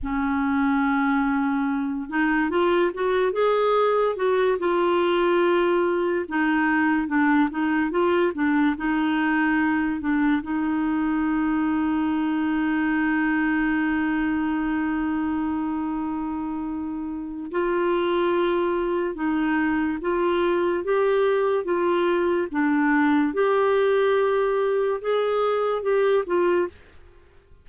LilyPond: \new Staff \with { instrumentName = "clarinet" } { \time 4/4 \tempo 4 = 72 cis'2~ cis'8 dis'8 f'8 fis'8 | gis'4 fis'8 f'2 dis'8~ | dis'8 d'8 dis'8 f'8 d'8 dis'4. | d'8 dis'2.~ dis'8~ |
dis'1~ | dis'4 f'2 dis'4 | f'4 g'4 f'4 d'4 | g'2 gis'4 g'8 f'8 | }